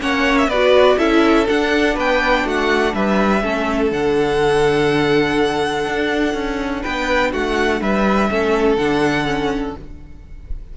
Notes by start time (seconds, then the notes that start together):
0.00 A#3 C#4 C#5 F#5
0.37 E5
0.47 B3 F#4 B4 D5
0.98 C#4 E4 A4 E5
1.45 D4 F#5
1.94 B3 B4 G5
2.44 A3 F#4 F#5
2.93 G3 B4 E5
3.42 A3 C#4 A4
3.91 D3 D4 F#5
5.85 D4
6.33 C#4
6.82 B3 B4 G5
7.31 A3 F#4 F#5
7.80 G3 B4 E5
8.29 A3 C#4 A4
8.76 D3 D4 F#5
9.25 C#4